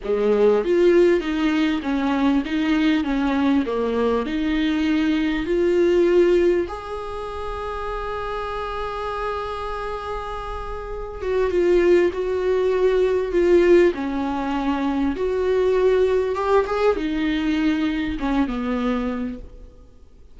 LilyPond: \new Staff \with { instrumentName = "viola" } { \time 4/4 \tempo 4 = 99 gis4 f'4 dis'4 cis'4 | dis'4 cis'4 ais4 dis'4~ | dis'4 f'2 gis'4~ | gis'1~ |
gis'2~ gis'8 fis'8 f'4 | fis'2 f'4 cis'4~ | cis'4 fis'2 g'8 gis'8 | dis'2 cis'8 b4. | }